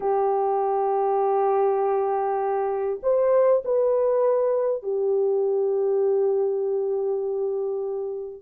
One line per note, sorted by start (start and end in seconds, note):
0.00 2.99 G4
3.02 3.62 C5
3.64 4.83 B4
4.83 8.42 G4